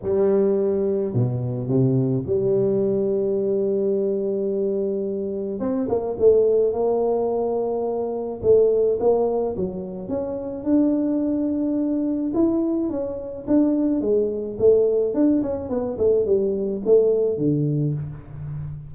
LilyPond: \new Staff \with { instrumentName = "tuba" } { \time 4/4 \tempo 4 = 107 g2 b,4 c4 | g1~ | g2 c'8 ais8 a4 | ais2. a4 |
ais4 fis4 cis'4 d'4~ | d'2 e'4 cis'4 | d'4 gis4 a4 d'8 cis'8 | b8 a8 g4 a4 d4 | }